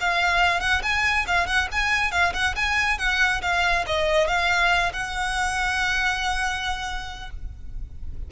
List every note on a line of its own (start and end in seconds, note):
0.00 0.60 F5
0.60 0.82 F#5
0.83 1.26 G#5
1.27 1.46 F5
1.46 1.68 F#5
1.71 2.11 G#5
2.11 2.33 F5
2.33 2.55 F#5
2.55 2.98 G#5
2.98 3.41 F#5
3.41 3.85 F5
3.86 4.27 D#5
4.27 4.92 F5
4.93 7.30 F#5